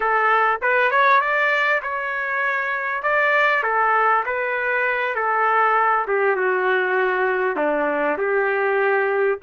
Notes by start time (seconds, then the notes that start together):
0.00 A4
0.61 B4
0.91 C#5
1.20 D5
1.82 C#5
3.02 D5
3.63 A4
4.25 B4
5.15 A4
6.07 G4
6.36 F#4
7.56 D4
8.17 G4